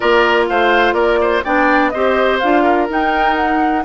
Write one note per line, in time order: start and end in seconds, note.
0.00 0.49 A#3
0.00 1.44 F4
0.00 0.46 A#4
0.00 0.45 D5
0.48 0.93 A3
0.48 0.94 C5
0.48 0.93 F5
0.93 1.41 A#3
0.93 1.18 A#4
0.93 1.41 D5
1.21 1.44 C5
1.44 1.94 B3
1.44 1.92 D4
1.44 1.92 D5
1.44 1.89 G5
1.89 2.42 C4
1.89 2.42 G4
1.89 2.63 C5
1.89 2.37 D#5
2.39 2.89 D4
2.39 2.88 F4
2.39 2.87 F5
2.63 3.83 A#4
2.88 3.84 D#4
2.88 3.35 G5
3.35 3.83 F#5